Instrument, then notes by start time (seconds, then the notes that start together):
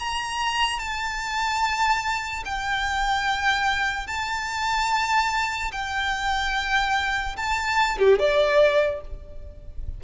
violin
0.00 A#5
0.79 A5
2.45 G5
4.07 A5
5.72 G5
7.37 A5
7.99 G4
8.19 D5